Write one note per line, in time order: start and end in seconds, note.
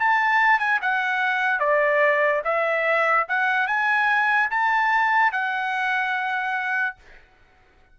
0.00 0.59 A5
0.59 0.80 G#5
0.82 1.60 F#5
1.60 2.42 D5
2.45 3.27 E5
3.29 3.68 F#5
3.68 4.50 G#5
4.51 5.32 A5
5.32 6.97 F#5